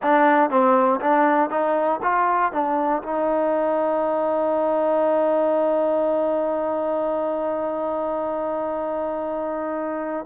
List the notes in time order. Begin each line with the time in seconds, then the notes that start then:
0.02 D4
0.50 C4
1.00 D4
1.50 D#4
2.02 F4
2.52 D4
3.02 D#4